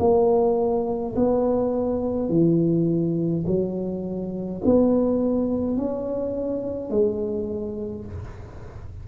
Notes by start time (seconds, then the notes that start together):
0.00 A#3
1.16 B3
2.30 E3
3.47 F#3
4.66 B3
5.77 C#4
6.91 G#3